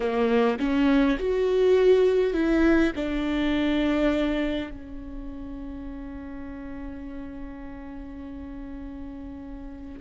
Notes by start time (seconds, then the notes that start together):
0.00 A#3
0.59 C#4
1.18 F#4
2.33 E4
2.95 D4
4.70 C#4